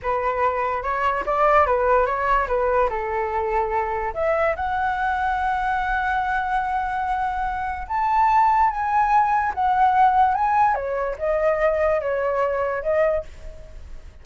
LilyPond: \new Staff \with { instrumentName = "flute" } { \time 4/4 \tempo 4 = 145 b'2 cis''4 d''4 | b'4 cis''4 b'4 a'4~ | a'2 e''4 fis''4~ | fis''1~ |
fis''2. a''4~ | a''4 gis''2 fis''4~ | fis''4 gis''4 cis''4 dis''4~ | dis''4 cis''2 dis''4 | }